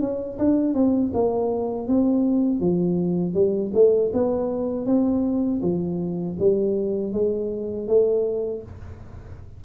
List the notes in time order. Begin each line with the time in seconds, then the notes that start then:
0.00 C#4
0.38 D4
0.74 C4
1.13 A#3
1.87 C4
2.60 F3
3.34 G3
3.74 A3
4.13 B3
4.86 C4
5.62 F3
6.39 G3
7.12 G#3
7.87 A3